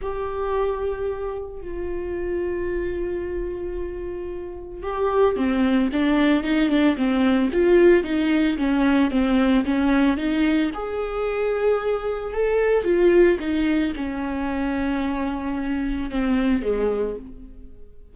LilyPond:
\new Staff \with { instrumentName = "viola" } { \time 4/4 \tempo 4 = 112 g'2. f'4~ | f'1~ | f'4 g'4 c'4 d'4 | dis'8 d'8 c'4 f'4 dis'4 |
cis'4 c'4 cis'4 dis'4 | gis'2. a'4 | f'4 dis'4 cis'2~ | cis'2 c'4 gis4 | }